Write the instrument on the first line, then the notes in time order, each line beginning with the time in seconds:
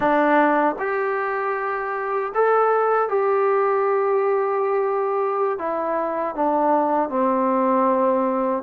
trombone
0.00 D4
0.79 G4
2.34 A4
3.08 G4
5.58 E4
6.35 D4
7.09 C4